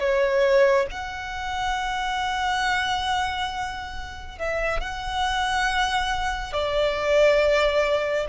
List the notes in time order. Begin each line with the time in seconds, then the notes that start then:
0.00 C#5
0.91 F#5
4.39 E5
4.81 F#5
6.53 D5